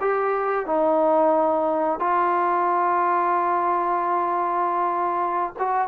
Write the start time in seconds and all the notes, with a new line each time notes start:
0.00 G4
0.66 D#4
1.99 F4
5.58 F#4